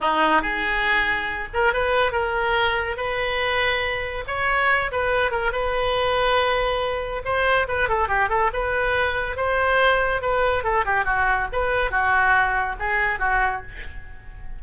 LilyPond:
\new Staff \with { instrumentName = "oboe" } { \time 4/4 \tempo 4 = 141 dis'4 gis'2~ gis'8 ais'8 | b'4 ais'2 b'4~ | b'2 cis''4. b'8~ | b'8 ais'8 b'2.~ |
b'4 c''4 b'8 a'8 g'8 a'8 | b'2 c''2 | b'4 a'8 g'8 fis'4 b'4 | fis'2 gis'4 fis'4 | }